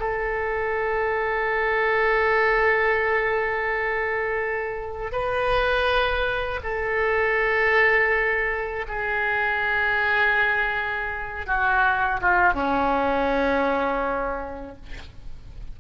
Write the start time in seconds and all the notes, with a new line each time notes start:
0.00 A4
5.12 B4
6.64 A4
8.89 G#4
11.47 F#4
12.22 F4
12.54 C#4